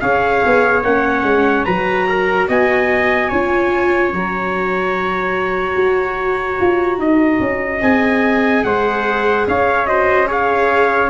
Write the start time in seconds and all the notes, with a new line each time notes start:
0.00 C#4 G#4 C#5 F5
0.45 B3
0.83 A#3 C#4 F#5
1.23 G#3
1.64 F#3 F#4 B4 A#5
2.08 A#4
2.47 B3 D#5 G#5
3.29 C#4 F4 C#5
4.12 F#3 F#4 A#5
5.76 F#4
6.60 F4
6.98 D#4 D#5
7.40 C#4
7.80 C4 G#4 G#5
8.64 G#3 C5 F#5
9.47 C#4 C#5 F5
9.86 F#4 C5 D#5
10.26 G#4 C#5 F5